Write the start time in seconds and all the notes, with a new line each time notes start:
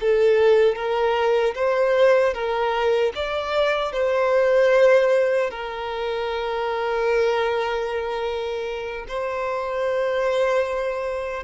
0.00 A4
0.75 A#4
1.54 C5
2.34 A#4
3.15 D5
3.92 C5
5.50 A#4
9.08 C5